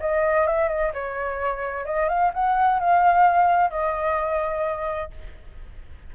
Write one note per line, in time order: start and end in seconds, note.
0.00 0.47 D#5
0.47 0.68 E5
0.68 0.92 D#5
0.94 1.85 C#5
1.85 2.09 D#5
2.09 2.32 F5
2.34 2.80 F#5
2.80 3.70 F5
3.70 5.11 D#5